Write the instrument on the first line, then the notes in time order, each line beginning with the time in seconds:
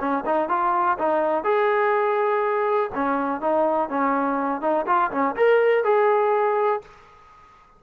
trombone
0.00 C#4
0.26 D#4
0.49 F4
0.99 D#4
1.44 G#4
2.95 C#4
3.41 D#4
3.90 C#4
4.62 D#4
4.87 F4
5.12 C#4
5.36 A#4
5.84 G#4